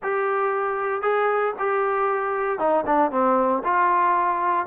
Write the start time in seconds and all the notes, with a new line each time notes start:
0.02 G4
1.02 G#4
1.58 G4
2.58 D#4
2.86 D4
3.11 C4
3.63 F4